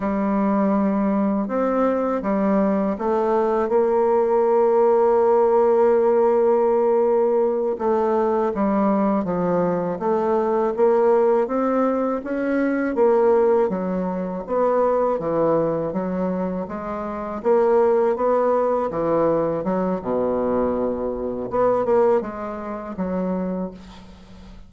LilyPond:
\new Staff \with { instrumentName = "bassoon" } { \time 4/4 \tempo 4 = 81 g2 c'4 g4 | a4 ais2.~ | ais2~ ais8 a4 g8~ | g8 f4 a4 ais4 c'8~ |
c'8 cis'4 ais4 fis4 b8~ | b8 e4 fis4 gis4 ais8~ | ais8 b4 e4 fis8 b,4~ | b,4 b8 ais8 gis4 fis4 | }